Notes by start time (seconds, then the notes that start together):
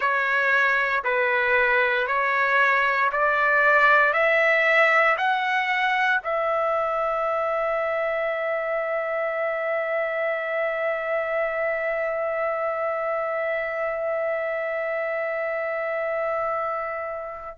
0.00 C#5
1.03 B4
2.07 C#5
3.12 D5
4.13 E5
5.17 F#5
6.23 E5